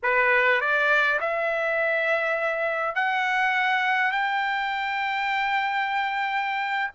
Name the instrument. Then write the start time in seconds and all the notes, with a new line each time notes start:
trumpet
0.02 B4
0.60 D5
1.20 E5
2.95 F#5
4.11 G5